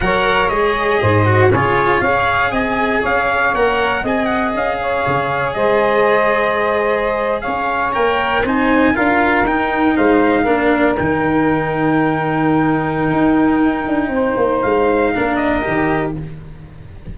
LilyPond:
<<
  \new Staff \with { instrumentName = "trumpet" } { \time 4/4 \tempo 4 = 119 fis''4 dis''2 cis''4 | f''4 gis''4 f''4 fis''4 | gis''8 fis''8 f''2 dis''4~ | dis''2~ dis''8. f''4 g''16~ |
g''8. gis''4 f''4 g''4 f''16~ | f''4.~ f''16 g''2~ g''16~ | g''1~ | g''4 f''4. dis''4. | }
  \new Staff \with { instrumentName = "saxophone" } { \time 4/4 cis''2 c''4 gis'4 | cis''4 dis''4 cis''2 | dis''4. cis''4. c''4~ | c''2~ c''8. cis''4~ cis''16~ |
cis''8. c''4 ais'2 c''16~ | c''8. ais'2.~ ais'16~ | ais'1 | c''2 ais'2 | }
  \new Staff \with { instrumentName = "cello" } { \time 4/4 ais'4 gis'4. fis'8 f'4 | gis'2. ais'4 | gis'1~ | gis'2.~ gis'8. ais'16~ |
ais'8. dis'4 f'4 dis'4~ dis'16~ | dis'8. d'4 dis'2~ dis'16~ | dis'1~ | dis'2 d'4 g'4 | }
  \new Staff \with { instrumentName = "tuba" } { \time 4/4 fis4 gis4 gis,4 cis4 | cis'4 c'4 cis'4 ais4 | c'4 cis'4 cis4 gis4~ | gis2~ gis8. cis'4 ais16~ |
ais8. c'4 d'4 dis'4 gis16~ | gis8. ais4 dis2~ dis16~ | dis2 dis'4. d'8 | c'8 ais8 gis4 ais4 dis4 | }
>>